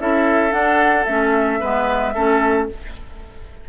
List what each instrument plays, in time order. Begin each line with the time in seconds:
0.00 bassoon C#4, clarinet E4, oboe A4, flute E5
0.51 clarinet D4, bassoon D4, flute F#5
1.05 bassoon A3, clarinet C#4, flute E5
1.60 bassoon G#3, clarinet B3, oboe B4
2.14 bassoon A3, clarinet C#4, oboe A4